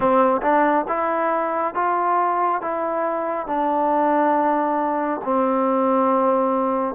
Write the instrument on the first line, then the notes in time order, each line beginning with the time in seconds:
trombone
0.00 C4
0.42 D4
0.88 E4
1.74 F4
2.61 E4
3.47 D4
5.24 C4